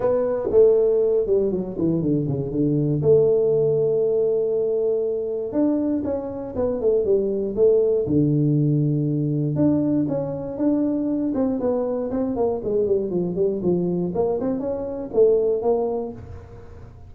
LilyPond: \new Staff \with { instrumentName = "tuba" } { \time 4/4 \tempo 4 = 119 b4 a4. g8 fis8 e8 | d8 cis8 d4 a2~ | a2. d'4 | cis'4 b8 a8 g4 a4 |
d2. d'4 | cis'4 d'4. c'8 b4 | c'8 ais8 gis8 g8 f8 g8 f4 | ais8 c'8 cis'4 a4 ais4 | }